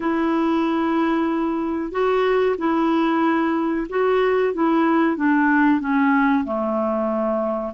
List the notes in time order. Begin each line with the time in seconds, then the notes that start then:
0.00 E4
1.91 F#4
2.58 E4
3.89 F#4
4.53 E4
5.16 D4
5.80 C#4
6.44 A3